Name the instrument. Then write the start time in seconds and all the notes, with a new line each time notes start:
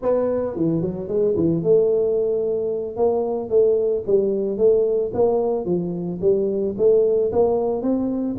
tuba
0.02 B3
0.56 E3
0.81 F#3
1.08 G#3
1.36 E3
1.63 A3
2.96 A#3
3.49 A3
4.07 G3
4.57 A3
5.13 A#3
5.65 F3
6.21 G3
6.77 A3
7.31 A#3
7.81 C4